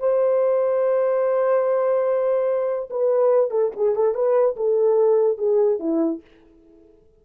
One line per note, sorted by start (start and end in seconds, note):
0.00 2.90 C5
2.91 3.51 B4
3.51 3.72 A4
3.77 3.96 G#4
3.96 4.15 A4
4.15 4.56 B4
4.56 5.38 A4
5.38 5.80 G#4
5.80 6.21 E4